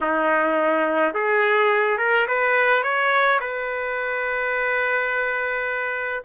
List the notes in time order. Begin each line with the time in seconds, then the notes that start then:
0.00 D#4
1.13 G#4
1.98 A#4
2.27 B4
2.83 C#5
3.40 B4